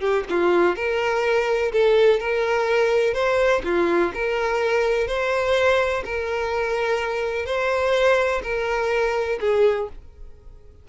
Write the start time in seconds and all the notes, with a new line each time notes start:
0.00 G4
0.30 F4
0.76 A#4
1.73 A4
2.20 A#4
3.14 C5
3.65 F4
4.14 A#4
5.08 C5
6.05 A#4
7.46 C5
8.43 A#4
9.41 G#4